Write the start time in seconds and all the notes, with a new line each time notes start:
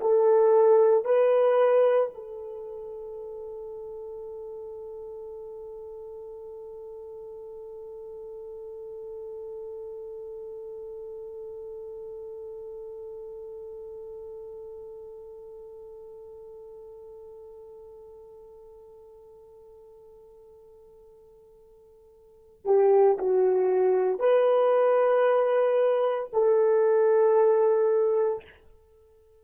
0.00 A4
1.05 B4
2.14 A4
22.65 G4
23.18 F#4
24.19 B4
26.33 A4